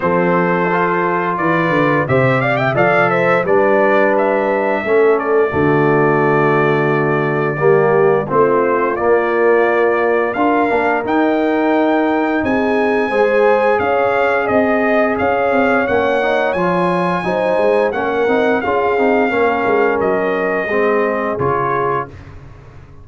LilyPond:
<<
  \new Staff \with { instrumentName = "trumpet" } { \time 4/4 \tempo 4 = 87 c''2 d''4 e''8 f''16 g''16 | f''8 e''8 d''4 e''4. d''8~ | d''1 | c''4 d''2 f''4 |
g''2 gis''2 | f''4 dis''4 f''4 fis''4 | gis''2 fis''4 f''4~ | f''4 dis''2 cis''4 | }
  \new Staff \with { instrumentName = "horn" } { \time 4/4 a'2 b'4 c''8 d''16 e''16 | d''8 c''8 b'2 a'4 | fis'2. g'4 | f'2. ais'4~ |
ais'2 gis'4 c''4 | cis''4 dis''4 cis''2~ | cis''4 c''4 ais'4 gis'4 | ais'2 gis'2 | }
  \new Staff \with { instrumentName = "trombone" } { \time 4/4 c'4 f'2 g'4 | a'4 d'2 cis'4 | a2. ais4 | c'4 ais2 f'8 d'8 |
dis'2. gis'4~ | gis'2. cis'8 dis'8 | f'4 dis'4 cis'8 dis'8 f'8 dis'8 | cis'2 c'4 f'4 | }
  \new Staff \with { instrumentName = "tuba" } { \time 4/4 f2 e8 d8 c4 | f4 g2 a4 | d2. g4 | a4 ais2 d'8 ais8 |
dis'2 c'4 gis4 | cis'4 c'4 cis'8 c'8 ais4 | f4 fis8 gis8 ais8 c'8 cis'8 c'8 | ais8 gis8 fis4 gis4 cis4 | }
>>